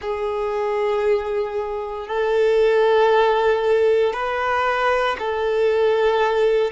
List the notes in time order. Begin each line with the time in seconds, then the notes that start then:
0.00 G#4
2.07 A4
4.13 B4
5.19 A4